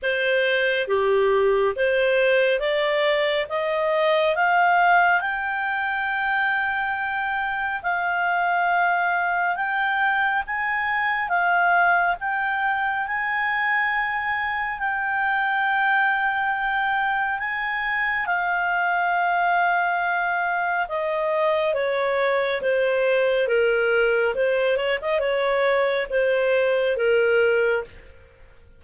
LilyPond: \new Staff \with { instrumentName = "clarinet" } { \time 4/4 \tempo 4 = 69 c''4 g'4 c''4 d''4 | dis''4 f''4 g''2~ | g''4 f''2 g''4 | gis''4 f''4 g''4 gis''4~ |
gis''4 g''2. | gis''4 f''2. | dis''4 cis''4 c''4 ais'4 | c''8 cis''16 dis''16 cis''4 c''4 ais'4 | }